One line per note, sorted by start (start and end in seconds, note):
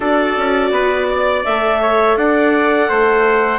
0.00 0.36 D4
0.00 1.43 F#4
0.00 0.72 A4
0.00 1.44 D5
0.37 0.70 C#4
0.70 1.43 B3
0.70 1.09 B4
1.09 1.81 D5
1.44 2.16 A3
1.44 3.59 A4
1.44 2.16 E5
1.81 2.17 C#5
2.16 2.89 D4
2.16 2.89 D5
2.16 3.59 F#5
2.89 3.59 A3
2.89 3.59 C5